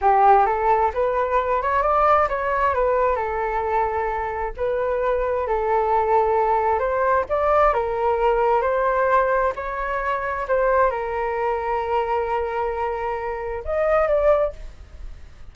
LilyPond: \new Staff \with { instrumentName = "flute" } { \time 4/4 \tempo 4 = 132 g'4 a'4 b'4. cis''8 | d''4 cis''4 b'4 a'4~ | a'2 b'2 | a'2. c''4 |
d''4 ais'2 c''4~ | c''4 cis''2 c''4 | ais'1~ | ais'2 dis''4 d''4 | }